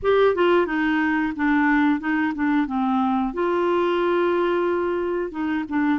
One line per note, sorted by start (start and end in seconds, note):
0.02 0.35 G4
0.35 0.66 F4
0.66 1.33 D#4
1.35 1.99 D4
1.99 2.33 D#4
2.35 2.66 D4
2.66 3.33 C4
3.33 5.31 F4
5.31 5.64 D#4
5.68 5.99 D4